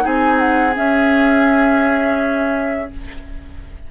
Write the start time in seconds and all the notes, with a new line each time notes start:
0.00 C4 D#4 G#4 G#5
0.39 F#5
0.75 C#4 E5